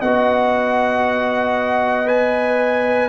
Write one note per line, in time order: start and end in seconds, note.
0.00 3.09 B3
0.00 2.06 F#4
0.00 3.09 D#5
0.00 2.08 F#5
2.06 3.09 B4
2.06 3.09 G#5